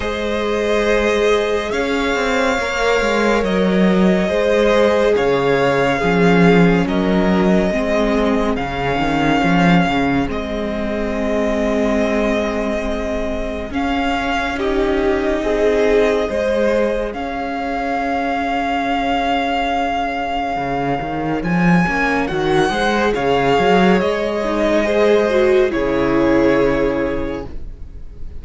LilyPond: <<
  \new Staff \with { instrumentName = "violin" } { \time 4/4 \tempo 4 = 70 dis''2 f''2 | dis''2 f''2 | dis''2 f''2 | dis''1 |
f''4 dis''2. | f''1~ | f''4 gis''4 fis''4 f''4 | dis''2 cis''2 | }
  \new Staff \with { instrumentName = "violin" } { \time 4/4 c''2 cis''2~ | cis''4 c''4 cis''4 gis'4 | ais'4 gis'2.~ | gis'1~ |
gis'4 g'4 gis'4 c''4 | cis''1~ | cis''2~ cis''8 c''8 cis''4~ | cis''4 c''4 gis'2 | }
  \new Staff \with { instrumentName = "viola" } { \time 4/4 gis'2. ais'4~ | ais'4 gis'2 cis'4~ | cis'4 c'4 cis'2 | c'1 |
cis'4 dis'2 gis'4~ | gis'1~ | gis'4. cis'8 fis'8 gis'4.~ | gis'8 dis'8 gis'8 fis'8 e'2 | }
  \new Staff \with { instrumentName = "cello" } { \time 4/4 gis2 cis'8 c'8 ais8 gis8 | fis4 gis4 cis4 f4 | fis4 gis4 cis8 dis8 f8 cis8 | gis1 |
cis'2 c'4 gis4 | cis'1 | cis8 dis8 f8 ais8 dis8 gis8 cis8 fis8 | gis2 cis2 | }
>>